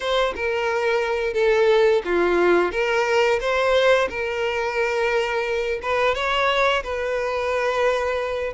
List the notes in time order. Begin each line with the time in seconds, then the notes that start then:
0.00 C5
0.35 A#4
1.33 A4
2.04 F4
2.71 A#4
3.40 C5
4.09 A#4
5.82 B4
6.14 C#5
6.83 B4